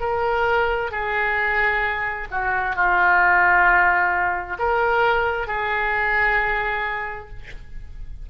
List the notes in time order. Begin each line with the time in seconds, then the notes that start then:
0.00 A#4
0.91 G#4
2.31 F#4
2.76 F4
4.59 A#4
5.47 G#4